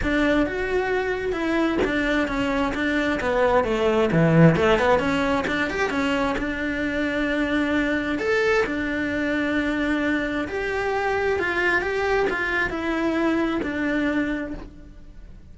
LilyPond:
\new Staff \with { instrumentName = "cello" } { \time 4/4 \tempo 4 = 132 d'4 fis'2 e'4 | d'4 cis'4 d'4 b4 | a4 e4 a8 b8 cis'4 | d'8 g'8 cis'4 d'2~ |
d'2 a'4 d'4~ | d'2. g'4~ | g'4 f'4 g'4 f'4 | e'2 d'2 | }